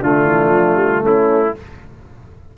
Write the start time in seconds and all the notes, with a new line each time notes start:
0.00 D3 A3 D4 F4
0.25 E3
0.50 F3
0.75 G3
1.03 A3 C#4 E4